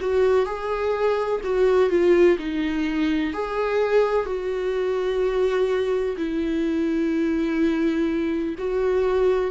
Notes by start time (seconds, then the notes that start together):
0.00 F#4
0.45 G#4
1.43 F#4
1.90 F4
2.38 D#4
3.33 G#4
4.26 F#4
6.16 E4
8.58 F#4